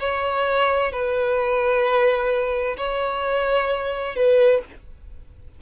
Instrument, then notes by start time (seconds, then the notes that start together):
violin
0.00 C#5
0.92 B4
2.78 C#5
4.16 B4